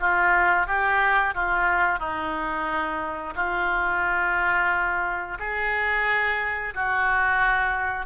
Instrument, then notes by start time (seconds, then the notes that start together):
oboe
0.00 F4
0.67 G4
1.35 F4
1.99 D#4
3.36 F4
5.39 G#4
6.74 F#4